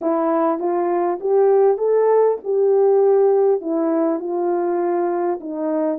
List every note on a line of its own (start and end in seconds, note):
0.01 0.59 E4
0.59 1.19 F4
1.20 1.77 G4
1.77 2.37 A4
2.44 3.61 G4
3.61 4.19 E4
4.19 5.39 F4
5.40 5.98 D#4